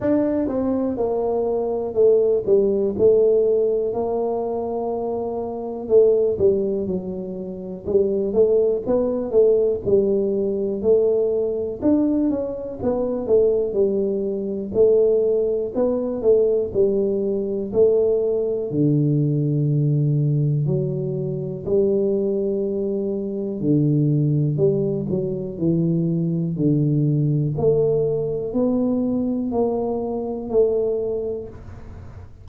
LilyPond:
\new Staff \with { instrumentName = "tuba" } { \time 4/4 \tempo 4 = 61 d'8 c'8 ais4 a8 g8 a4 | ais2 a8 g8 fis4 | g8 a8 b8 a8 g4 a4 | d'8 cis'8 b8 a8 g4 a4 |
b8 a8 g4 a4 d4~ | d4 fis4 g2 | d4 g8 fis8 e4 d4 | a4 b4 ais4 a4 | }